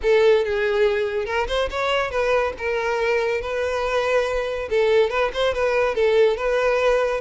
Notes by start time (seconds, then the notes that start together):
0.02 A4
0.44 G#4
1.25 A#4
1.47 C5
1.70 C#5
2.10 B4
2.57 A#4
3.41 B4
4.70 A4
5.09 B4
5.33 C5
5.54 B4
5.94 A4
6.36 B4